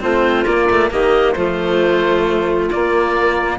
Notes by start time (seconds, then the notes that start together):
0.00 A3 C4 F4 C5
0.46 A#3 D5
0.70 A3
0.90 D#3 A#3 G4 D#5
1.32 F3 A3 F4 C5
2.70 A#3 D5